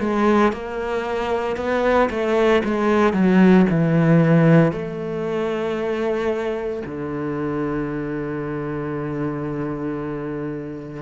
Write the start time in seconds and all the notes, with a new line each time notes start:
0.00 G#3
0.53 A#3
1.57 B3
2.10 A3
2.65 G#3
3.14 F#3
3.70 E3
4.73 A3
6.86 D3